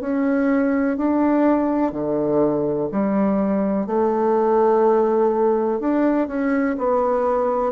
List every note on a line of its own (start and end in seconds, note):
0.00 0.97 C#4
0.97 1.92 D4
1.92 2.89 D3
2.92 3.86 G3
3.86 5.80 A3
5.80 6.27 D4
6.27 6.76 C#4
6.78 7.72 B3